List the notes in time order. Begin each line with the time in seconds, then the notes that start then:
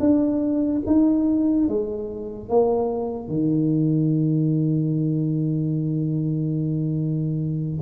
0.00 D4
0.87 D#4
1.68 G#3
2.49 A#3
3.28 D#3